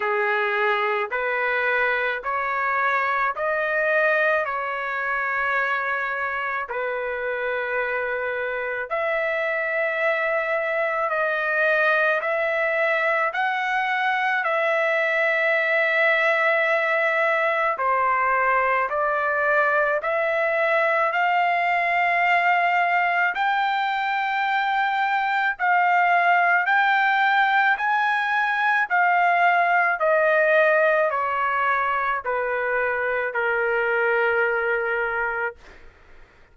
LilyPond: \new Staff \with { instrumentName = "trumpet" } { \time 4/4 \tempo 4 = 54 gis'4 b'4 cis''4 dis''4 | cis''2 b'2 | e''2 dis''4 e''4 | fis''4 e''2. |
c''4 d''4 e''4 f''4~ | f''4 g''2 f''4 | g''4 gis''4 f''4 dis''4 | cis''4 b'4 ais'2 | }